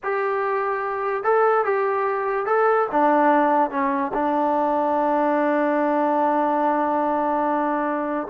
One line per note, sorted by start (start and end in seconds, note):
0.03 1.23 G4
1.23 1.64 A4
1.64 2.46 G4
2.46 2.87 A4
2.91 3.70 D4
3.70 4.11 C#4
4.13 8.27 D4